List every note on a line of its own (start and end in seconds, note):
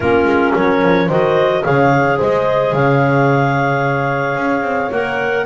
0.00 0.24 A#3
0.00 1.10 C#4
0.00 0.53 F4
0.00 0.54 A#4
0.24 0.52 G#3
0.53 0.82 F#3
0.53 1.07 A#4
0.53 1.09 C#5
0.82 1.08 F3
1.07 1.63 D#3
1.07 1.63 F#4
1.07 1.62 C5
1.07 1.64 D#5
1.63 2.20 C#3
1.63 4.90 G#4
1.63 2.18 C#5
1.63 2.18 F5
2.18 2.72 G#3
2.18 2.72 C5
2.18 2.74 D#5
2.72 4.36 C#3
2.72 5.45 C#5
2.72 4.91 F5
4.36 4.62 C#4
4.62 4.89 C4
4.91 5.45 A#3
4.91 5.45 A#4
4.91 5.45 F#5